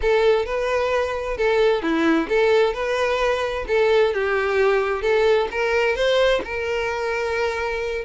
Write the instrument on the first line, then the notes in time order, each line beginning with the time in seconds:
violin
0.01 A4
0.45 B4
1.37 A4
1.82 E4
2.29 A4
2.73 B4
3.67 A4
4.13 G4
5.02 A4
5.51 A#4
5.95 C5
6.44 A#4